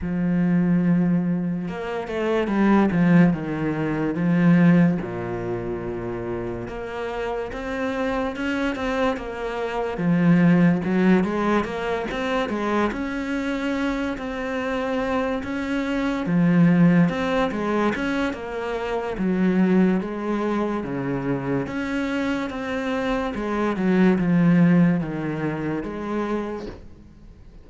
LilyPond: \new Staff \with { instrumentName = "cello" } { \time 4/4 \tempo 4 = 72 f2 ais8 a8 g8 f8 | dis4 f4 ais,2 | ais4 c'4 cis'8 c'8 ais4 | f4 fis8 gis8 ais8 c'8 gis8 cis'8~ |
cis'4 c'4. cis'4 f8~ | f8 c'8 gis8 cis'8 ais4 fis4 | gis4 cis4 cis'4 c'4 | gis8 fis8 f4 dis4 gis4 | }